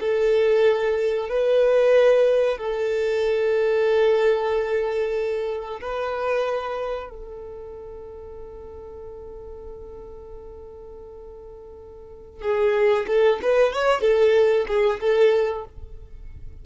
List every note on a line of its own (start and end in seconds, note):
0.00 1.29 A4
1.29 2.57 B4
2.57 5.80 A4
5.81 7.10 B4
7.10 12.41 A4
12.41 13.06 G#4
13.07 13.39 A4
13.42 13.73 B4
13.73 14.01 C#5
14.01 14.66 A4
14.67 15.00 G#4
15.00 15.65 A4